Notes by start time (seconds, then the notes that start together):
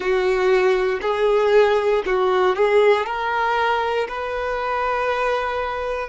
0.00 F#4
1.01 G#4
2.06 F#4
2.55 G#4
3.06 A#4
4.08 B4